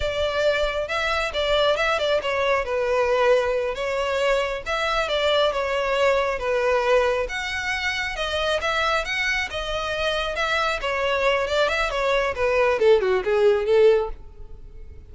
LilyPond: \new Staff \with { instrumentName = "violin" } { \time 4/4 \tempo 4 = 136 d''2 e''4 d''4 | e''8 d''8 cis''4 b'2~ | b'8 cis''2 e''4 d''8~ | d''8 cis''2 b'4.~ |
b'8 fis''2 dis''4 e''8~ | e''8 fis''4 dis''2 e''8~ | e''8 cis''4. d''8 e''8 cis''4 | b'4 a'8 fis'8 gis'4 a'4 | }